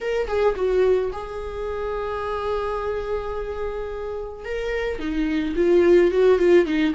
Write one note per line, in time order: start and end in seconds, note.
0.01 0.27 A#4
0.27 0.55 G#4
0.55 1.11 F#4
1.12 4.44 G#4
4.44 4.98 A#4
4.98 5.54 D#4
5.56 6.11 F4
6.11 6.39 F#4
6.39 6.66 F4
6.66 6.93 D#4